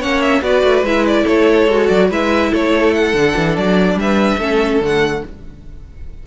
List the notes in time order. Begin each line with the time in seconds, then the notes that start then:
0.00 A#3 C#4 C#5 F#5
0.21 E5
0.42 B3 F#4 B4 D5
0.64 A3
0.83 G#3 E4 E5
1.07 D5
1.24 A3 A4 C#5
1.68 G#3 F#4
1.88 F#3 D5
2.10 G#3 E4 B4 E5
2.51 A3 A4 C#5
2.94 F#5
3.14 D3 D4
3.37 E3
3.57 F#3 D5
3.95 G3 B4 E5
4.38 A3 C#4 A4
4.81 D3 A3 F#5